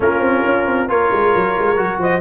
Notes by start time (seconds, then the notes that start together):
0.00 A#3 C#4 F4 A#4
0.19 C4
0.45 C#4
0.66 C4
0.88 A#3 F4 A#4 C#5
1.12 G#3
1.35 F#3
1.58 G#3
1.76 F#3 F#4
1.98 F3 C5 D#5